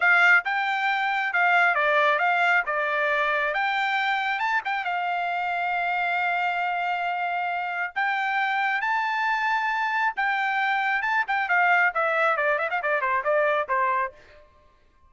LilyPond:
\new Staff \with { instrumentName = "trumpet" } { \time 4/4 \tempo 4 = 136 f''4 g''2 f''4 | d''4 f''4 d''2 | g''2 a''8 g''8 f''4~ | f''1~ |
f''2 g''2 | a''2. g''4~ | g''4 a''8 g''8 f''4 e''4 | d''8 e''16 f''16 d''8 c''8 d''4 c''4 | }